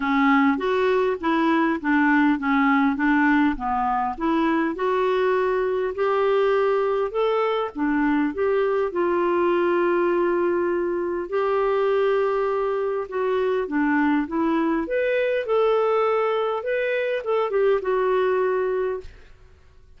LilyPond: \new Staff \with { instrumentName = "clarinet" } { \time 4/4 \tempo 4 = 101 cis'4 fis'4 e'4 d'4 | cis'4 d'4 b4 e'4 | fis'2 g'2 | a'4 d'4 g'4 f'4~ |
f'2. g'4~ | g'2 fis'4 d'4 | e'4 b'4 a'2 | b'4 a'8 g'8 fis'2 | }